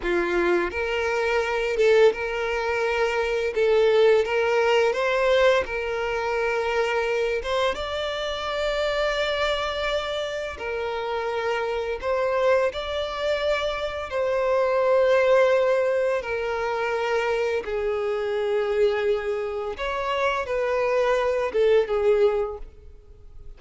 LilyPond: \new Staff \with { instrumentName = "violin" } { \time 4/4 \tempo 4 = 85 f'4 ais'4. a'8 ais'4~ | ais'4 a'4 ais'4 c''4 | ais'2~ ais'8 c''8 d''4~ | d''2. ais'4~ |
ais'4 c''4 d''2 | c''2. ais'4~ | ais'4 gis'2. | cis''4 b'4. a'8 gis'4 | }